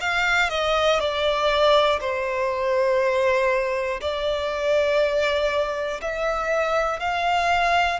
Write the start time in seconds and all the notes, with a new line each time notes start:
0.00 F5
0.49 D#5
1.00 D5
2.00 C5
4.00 D5
6.01 E5
6.99 F5